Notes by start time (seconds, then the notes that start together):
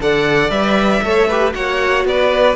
0.00 D3 A4 D5 F#5
0.49 G3 B4 E5
1.02 A3 A4 C#5
1.27 G4 B4
1.52 A#3 F#4 C#5 F#5
2.04 B3 B4 D5